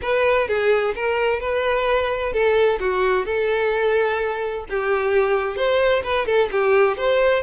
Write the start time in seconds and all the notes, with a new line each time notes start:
0.01 B4
0.48 G#4
0.95 A#4
1.40 B4
2.32 A4
2.80 F#4
3.25 A4
4.69 G4
5.56 C5
6.03 B4
6.26 A4
6.51 G4
6.97 C5